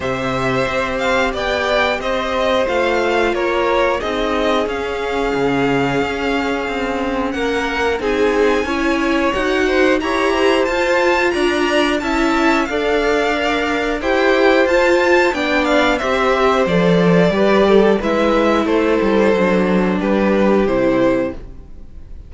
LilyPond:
<<
  \new Staff \with { instrumentName = "violin" } { \time 4/4 \tempo 4 = 90 e''4. f''8 g''4 dis''4 | f''4 cis''4 dis''4 f''4~ | f''2. fis''4 | gis''2 fis''4 ais''4 |
a''4 ais''4 a''4 f''4~ | f''4 g''4 a''4 g''8 f''8 | e''4 d''2 e''4 | c''2 b'4 c''4 | }
  \new Staff \with { instrumentName = "violin" } { \time 4/4 c''2 d''4 c''4~ | c''4 ais'4 gis'2~ | gis'2. ais'4 | gis'4 cis''4. c''8 cis''8 c''8~ |
c''4 d''4 e''4 d''4~ | d''4 c''2 d''4 | c''2 b'8 a'8 b'4 | a'2 g'2 | }
  \new Staff \with { instrumentName = "viola" } { \time 4/4 g'1 | f'2 dis'4 cis'4~ | cis'1 | dis'4 e'4 fis'4 g'4 |
f'2 e'4 a'4 | ais'4 g'4 f'4 d'4 | g'4 a'4 g'4 e'4~ | e'4 d'2 e'4 | }
  \new Staff \with { instrumentName = "cello" } { \time 4/4 c4 c'4 b4 c'4 | a4 ais4 c'4 cis'4 | cis4 cis'4 c'4 ais4 | c'4 cis'4 dis'4 e'4 |
f'4 d'4 cis'4 d'4~ | d'4 e'4 f'4 b4 | c'4 f4 g4 gis4 | a8 g8 fis4 g4 c4 | }
>>